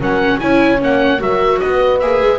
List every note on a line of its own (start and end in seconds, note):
0.00 0.40 F#3
0.00 0.40 C#4
0.00 0.40 A#4
0.00 0.39 F#5
0.39 0.82 C#4
0.39 0.78 E4
0.39 1.21 C#5
0.39 0.79 G#5
0.78 1.20 A#3
0.78 1.18 C#4
0.78 1.22 F#5
1.19 1.60 F#3
1.19 1.99 F#4
1.19 1.62 A#4
1.19 1.59 E5
1.59 2.02 B3
1.59 2.39 B4
1.59 1.99 D#5
1.99 2.22 A#3
1.99 2.39 G#4
1.99 2.39 E5
2.22 2.39 G#3